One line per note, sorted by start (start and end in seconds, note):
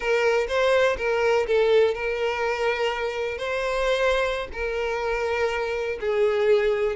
0.00 0.47 A#4
0.47 0.96 C5
0.97 1.46 A#4
1.46 1.94 A4
1.94 3.37 A#4
3.37 4.47 C5
4.52 5.99 A#4
6.00 6.95 G#4